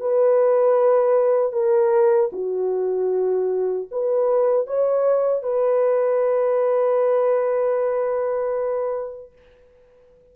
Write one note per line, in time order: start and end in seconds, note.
0.00 1.53 B4
1.53 2.31 A#4
2.32 3.88 F#4
3.91 4.67 B4
4.67 5.43 C#5
5.43 9.33 B4